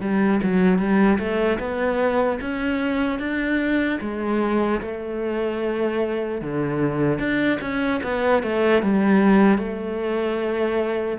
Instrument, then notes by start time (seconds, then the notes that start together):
cello
0.00 G3
0.42 F#3
0.78 G3
1.19 A3
1.59 B3
2.40 C#4
3.19 D4
4.00 G#3
4.81 A3
6.41 D3
7.18 D4
7.60 C#4
8.03 B3
8.43 A3
8.82 G3
9.57 A3